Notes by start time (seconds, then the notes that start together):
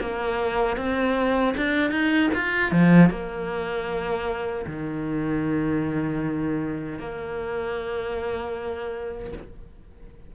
0.00 A#3
0.77 C4
1.57 D4
1.91 D#4
2.34 F4
2.71 F3
3.10 A#3
4.66 D#3
6.99 A#3